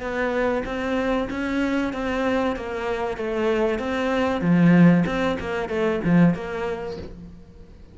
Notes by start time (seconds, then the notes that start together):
0.00 B3
0.65 C4
1.30 C#4
1.93 C4
2.56 A#3
3.17 A3
3.79 C4
4.41 F3
5.06 C4
5.40 A#3
5.68 A3
6.04 F3
6.34 A#3